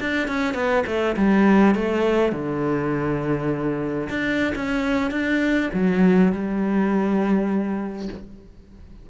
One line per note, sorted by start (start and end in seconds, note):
0.00 0.28 D4
0.28 0.54 C#4
0.54 0.83 B3
0.86 1.16 A3
1.16 1.75 G3
1.75 2.32 A3
2.32 4.08 D3
4.09 4.53 D4
4.55 5.11 C#4
5.11 5.70 D4
5.73 6.32 F#3
6.32 8.08 G3